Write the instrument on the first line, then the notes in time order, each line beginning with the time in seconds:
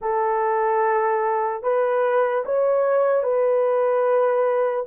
horn
0.01 A4
1.63 B4
2.45 C#5
3.22 B4